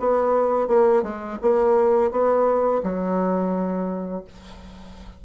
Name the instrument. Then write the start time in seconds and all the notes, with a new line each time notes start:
bassoon
0.00 B3
0.68 A#3
1.03 G#3
1.42 A#3
2.12 B3
2.83 F#3